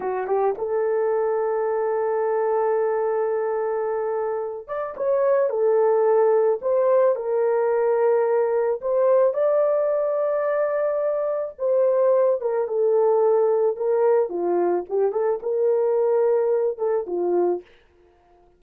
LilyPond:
\new Staff \with { instrumentName = "horn" } { \time 4/4 \tempo 4 = 109 fis'8 g'8 a'2.~ | a'1~ | a'8 d''8 cis''4 a'2 | c''4 ais'2. |
c''4 d''2.~ | d''4 c''4. ais'8 a'4~ | a'4 ais'4 f'4 g'8 a'8 | ais'2~ ais'8 a'8 f'4 | }